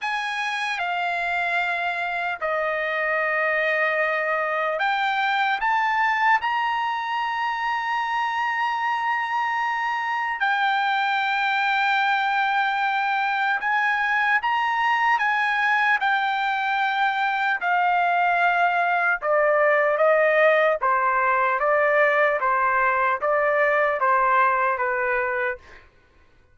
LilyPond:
\new Staff \with { instrumentName = "trumpet" } { \time 4/4 \tempo 4 = 75 gis''4 f''2 dis''4~ | dis''2 g''4 a''4 | ais''1~ | ais''4 g''2.~ |
g''4 gis''4 ais''4 gis''4 | g''2 f''2 | d''4 dis''4 c''4 d''4 | c''4 d''4 c''4 b'4 | }